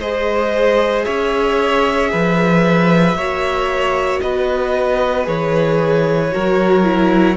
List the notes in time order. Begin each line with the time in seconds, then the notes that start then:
0.00 G#3 G#4 C5 D#5
1.04 C#4 C#5 E5
2.11 F3 B4
3.14 A#3 F#4 C#5
4.21 B3 B4 D#5
5.23 E3 G#4 C#5
6.32 F#3 F#4 A#4
6.84 E4